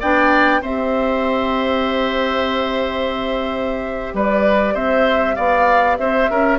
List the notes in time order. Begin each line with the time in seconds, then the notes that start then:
0.00 B3 D4 D5 G5
0.61 C4 G4 C5 E5
4.13 G3 B4 D5
4.74 C4 C5 E5
5.35 B3 D5 F5
5.97 C4 C5 E5
6.30 C#4 A#4